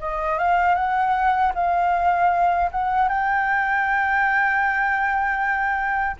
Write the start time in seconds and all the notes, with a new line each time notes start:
0.00 D#5
0.38 F5
0.75 F#5
1.55 F5
2.71 F#5
3.09 G5